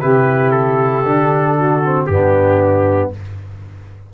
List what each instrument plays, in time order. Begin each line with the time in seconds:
0.00 tuba C3, trombone E4, saxophone G4, trumpet B4
0.51 trumpet A4
1.04 tuba D3, trombone D4
1.56 saxophone F#4
1.84 trombone C4
2.06 tuba G2, trombone B3, saxophone D4, trumpet G4